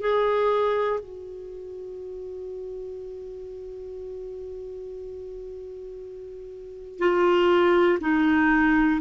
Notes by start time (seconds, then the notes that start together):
0.00 G#4
1.00 F#4
6.99 F4
8.00 D#4